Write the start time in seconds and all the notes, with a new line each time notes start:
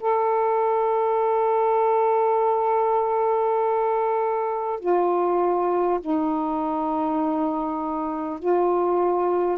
0.00 A4
4.79 F4
6.01 D#4
8.39 F4